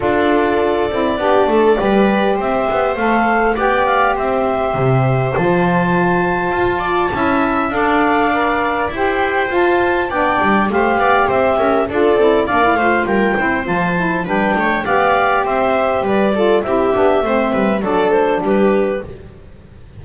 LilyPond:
<<
  \new Staff \with { instrumentName = "clarinet" } { \time 4/4 \tempo 4 = 101 d''1 | e''4 f''4 g''8 f''8 e''4~ | e''4 a''2.~ | a''4 f''2 g''4 |
a''4 g''4 f''4 e''4 | d''4 f''4 g''4 a''4 | g''4 f''4 e''4 d''4 | e''2 d''8 c''8 b'4 | }
  \new Staff \with { instrumentName = "viola" } { \time 4/4 a'2 g'8 a'8 b'4 | c''2 d''4 c''4~ | c''2.~ c''8 d''8 | e''4 d''2 c''4~ |
c''4 d''4 c''8 d''8 c''8 ais'8 | a'4 d''8 c''8 ais'8 c''4. | b'8 cis''8 d''4 c''4 b'8 a'8 | g'4 c''8 b'8 a'4 g'4 | }
  \new Staff \with { instrumentName = "saxophone" } { \time 4/4 f'4. e'8 d'4 g'4~ | g'4 a'4 g'2~ | g'4 f'2. | e'4 a'4 ais'4 g'4 |
f'4 d'4 g'2 | f'8 e'8 d'16 e'16 f'4 e'8 f'8 e'8 | d'4 g'2~ g'8 f'8 | e'8 d'8 c'4 d'2 | }
  \new Staff \with { instrumentName = "double bass" } { \time 4/4 d'4. c'8 b8 a8 g4 | c'8 b8 a4 b4 c'4 | c4 f2 f'4 | cis'4 d'2 e'4 |
f'4 b8 g8 a8 b8 c'8 cis'8 | d'8 c'8 ais8 a8 g8 c'8 f4 | g8 a8 b4 c'4 g4 | c'8 b8 a8 g8 fis4 g4 | }
>>